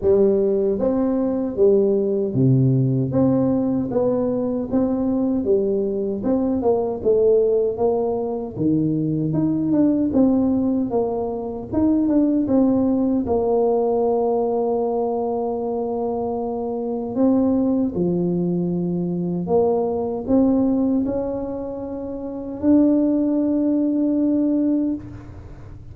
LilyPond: \new Staff \with { instrumentName = "tuba" } { \time 4/4 \tempo 4 = 77 g4 c'4 g4 c4 | c'4 b4 c'4 g4 | c'8 ais8 a4 ais4 dis4 | dis'8 d'8 c'4 ais4 dis'8 d'8 |
c'4 ais2.~ | ais2 c'4 f4~ | f4 ais4 c'4 cis'4~ | cis'4 d'2. | }